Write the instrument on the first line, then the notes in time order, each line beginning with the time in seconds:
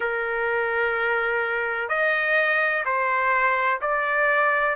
trumpet
0.00 A#4
1.88 D#5
2.85 C5
3.81 D5